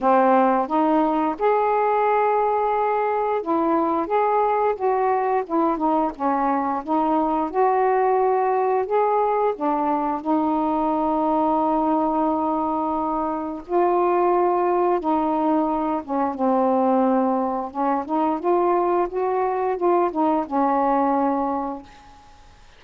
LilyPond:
\new Staff \with { instrumentName = "saxophone" } { \time 4/4 \tempo 4 = 88 c'4 dis'4 gis'2~ | gis'4 e'4 gis'4 fis'4 | e'8 dis'8 cis'4 dis'4 fis'4~ | fis'4 gis'4 d'4 dis'4~ |
dis'1 | f'2 dis'4. cis'8 | c'2 cis'8 dis'8 f'4 | fis'4 f'8 dis'8 cis'2 | }